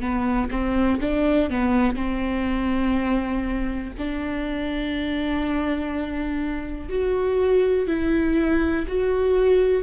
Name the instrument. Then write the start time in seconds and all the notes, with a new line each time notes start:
viola
0.00 B3
0.51 C4
1.00 D4
1.50 B3
1.95 C4
3.98 D4
6.89 F#4
7.87 E4
8.87 F#4